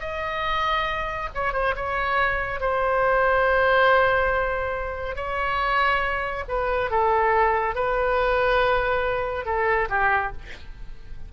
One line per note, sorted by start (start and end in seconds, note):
0.00 1.29 D#5
1.34 1.53 C#5
1.53 1.75 C5
1.75 2.60 C#5
2.60 5.15 C5
5.15 6.44 C#5
6.48 6.90 B4
6.90 7.75 A4
7.75 9.45 B4
9.45 9.88 A4
9.89 10.32 G4